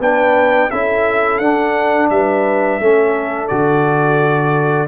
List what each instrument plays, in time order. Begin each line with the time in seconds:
0.00 tuba B3, trombone D4, horn B4, trumpet G5
0.71 tuba C#4, trombone E4, horn A4, trumpet E5
1.38 tuba D4, trombone D4, trumpet F#5
2.10 tuba G3, horn B4, trumpet E5
2.80 tuba A3, trombone C#4, horn A4
3.48 tuba D3, trombone F#4, trumpet D5